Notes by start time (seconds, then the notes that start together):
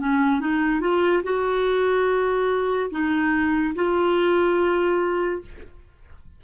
0.00 C#4
0.41 D#4
0.81 F4
1.24 F#4
2.91 D#4
3.75 F4